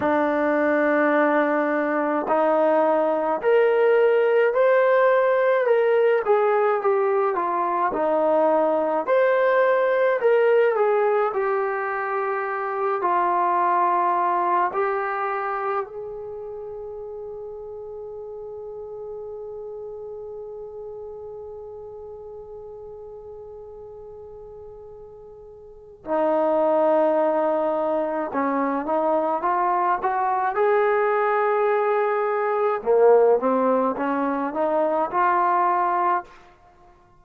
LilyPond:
\new Staff \with { instrumentName = "trombone" } { \time 4/4 \tempo 4 = 53 d'2 dis'4 ais'4 | c''4 ais'8 gis'8 g'8 f'8 dis'4 | c''4 ais'8 gis'8 g'4. f'8~ | f'4 g'4 gis'2~ |
gis'1~ | gis'2. dis'4~ | dis'4 cis'8 dis'8 f'8 fis'8 gis'4~ | gis'4 ais8 c'8 cis'8 dis'8 f'4 | }